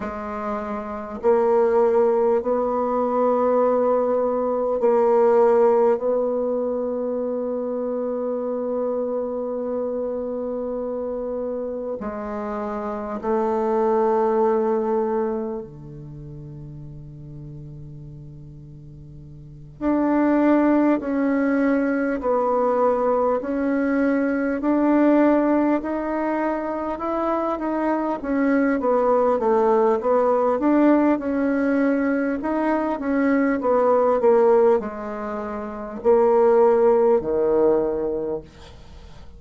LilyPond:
\new Staff \with { instrumentName = "bassoon" } { \time 4/4 \tempo 4 = 50 gis4 ais4 b2 | ais4 b2.~ | b2 gis4 a4~ | a4 d2.~ |
d8 d'4 cis'4 b4 cis'8~ | cis'8 d'4 dis'4 e'8 dis'8 cis'8 | b8 a8 b8 d'8 cis'4 dis'8 cis'8 | b8 ais8 gis4 ais4 dis4 | }